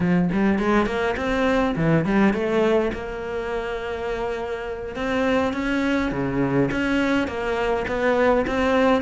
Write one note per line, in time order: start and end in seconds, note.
0.00 0.29 F3
0.32 0.58 G3
0.58 0.86 G#3
0.86 1.15 A#3
1.17 1.75 C4
1.76 2.05 E3
2.05 2.33 G3
2.33 2.91 A3
2.93 4.95 A#3
4.95 5.53 C4
5.53 6.11 C#4
6.11 6.70 C#3
6.71 7.27 C#4
7.27 7.85 A#3
7.87 8.45 B3
8.47 9.02 C4